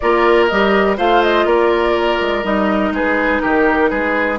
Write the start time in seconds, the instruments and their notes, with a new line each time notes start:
0.00 bassoon A#3, clarinet F4, oboe A#4, flute D5
0.47 bassoon G3, clarinet G4, flute D#5
0.97 bassoon A3, clarinet F4, oboe C5, flute F5
1.22 flute D#5
1.45 bassoon A#3, oboe A#4, flute D5
2.20 bassoon G#3
2.43 bassoon G3, clarinet D#4, flute D#5
2.91 bassoon G#3, oboe G#4, flute B4
3.41 bassoon D#3, oboe G4, flute A#4
3.89 bassoon G#3, oboe G#4, flute B4